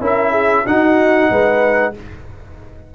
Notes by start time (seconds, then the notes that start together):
0.00 C#4 E4 A#4 E5
0.31 G#4
0.66 D#4 F#4 F#5
1.30 G#3 B4